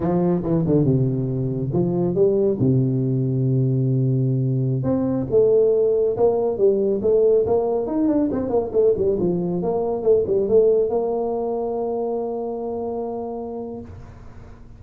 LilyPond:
\new Staff \with { instrumentName = "tuba" } { \time 4/4 \tempo 4 = 139 f4 e8 d8 c2 | f4 g4 c2~ | c2.~ c16 c'8.~ | c'16 a2 ais4 g8.~ |
g16 a4 ais4 dis'8 d'8 c'8 ais16~ | ais16 a8 g8 f4 ais4 a8 g16~ | g16 a4 ais2~ ais8.~ | ais1 | }